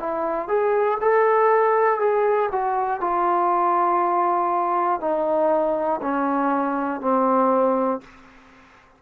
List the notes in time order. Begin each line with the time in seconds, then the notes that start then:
0.00 E4
0.49 G#4
1.01 A4
2.00 G#4
2.52 F#4
3.01 F4
5.01 D#4
6.02 C#4
7.01 C4